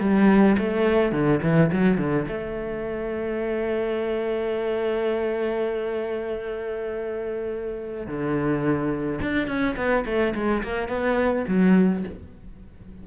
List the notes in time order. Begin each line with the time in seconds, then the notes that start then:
0.00 G3
0.58 A3
1.12 D3
1.43 E3
1.72 F#3
1.98 D3
2.28 A3
8.07 D3
9.22 D4
9.48 C#4
9.76 B3
10.06 A3
10.35 G#3
10.63 A#3
10.89 B3
11.48 F#3